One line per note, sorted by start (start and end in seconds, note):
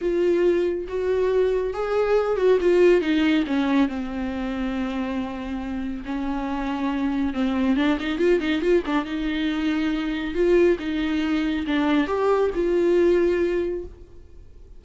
0.01 0.87 F4
0.88 1.73 F#4
1.73 2.36 G#4
2.36 2.58 F#4
2.60 3.01 F4
3.01 3.44 D#4
3.46 3.88 C#4
3.88 6.04 C4
6.05 7.33 C#4
7.33 7.76 C4
7.76 7.98 D4
7.99 8.18 D#4
8.18 8.40 F4
8.40 8.61 D#4
8.61 8.83 F4
8.86 9.05 D4
9.05 10.34 D#4
10.34 10.77 F4
10.79 11.65 D#4
11.67 12.07 D4
12.07 12.50 G4
12.54 13.84 F4